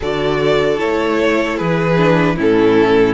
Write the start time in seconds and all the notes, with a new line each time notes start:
0.00 D3 F#4 A4 D5
0.77 A3 E4 C#5
1.56 E3 G#4 B4
1.97 D4
2.36 A2 C#4 E4 A4